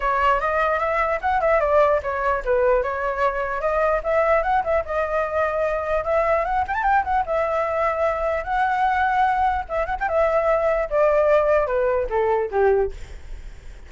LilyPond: \new Staff \with { instrumentName = "flute" } { \time 4/4 \tempo 4 = 149 cis''4 dis''4 e''4 fis''8 e''8 | d''4 cis''4 b'4 cis''4~ | cis''4 dis''4 e''4 fis''8 e''8 | dis''2. e''4 |
fis''8 g''16 a''16 g''8 fis''8 e''2~ | e''4 fis''2. | e''8 fis''16 g''16 e''2 d''4~ | d''4 b'4 a'4 g'4 | }